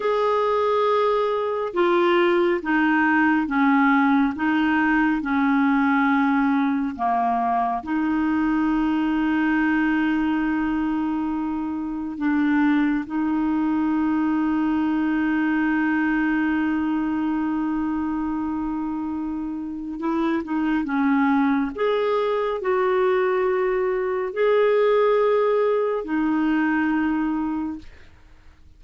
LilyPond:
\new Staff \with { instrumentName = "clarinet" } { \time 4/4 \tempo 4 = 69 gis'2 f'4 dis'4 | cis'4 dis'4 cis'2 | ais4 dis'2.~ | dis'2 d'4 dis'4~ |
dis'1~ | dis'2. e'8 dis'8 | cis'4 gis'4 fis'2 | gis'2 dis'2 | }